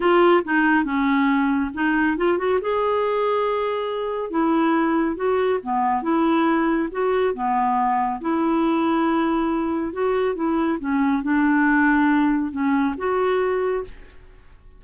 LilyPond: \new Staff \with { instrumentName = "clarinet" } { \time 4/4 \tempo 4 = 139 f'4 dis'4 cis'2 | dis'4 f'8 fis'8 gis'2~ | gis'2 e'2 | fis'4 b4 e'2 |
fis'4 b2 e'4~ | e'2. fis'4 | e'4 cis'4 d'2~ | d'4 cis'4 fis'2 | }